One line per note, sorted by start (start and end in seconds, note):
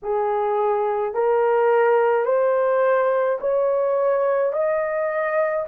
0.02 1.14 G#4
1.14 2.25 A#4
2.25 3.38 C5
3.40 4.52 C#5
4.52 5.66 D#5